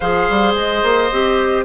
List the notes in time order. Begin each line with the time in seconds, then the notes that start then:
0.00 F3 G#4 C5 F5
0.29 G3
0.54 G#3 D#5
0.82 A#3
1.12 C4 G4